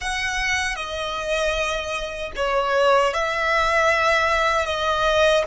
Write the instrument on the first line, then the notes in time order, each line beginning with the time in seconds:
violin
0.00 F#5
0.75 D#5
2.36 C#5
3.13 E5
4.65 D#5